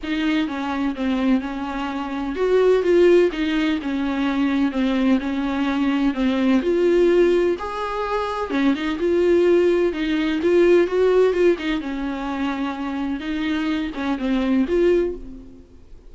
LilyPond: \new Staff \with { instrumentName = "viola" } { \time 4/4 \tempo 4 = 127 dis'4 cis'4 c'4 cis'4~ | cis'4 fis'4 f'4 dis'4 | cis'2 c'4 cis'4~ | cis'4 c'4 f'2 |
gis'2 cis'8 dis'8 f'4~ | f'4 dis'4 f'4 fis'4 | f'8 dis'8 cis'2. | dis'4. cis'8 c'4 f'4 | }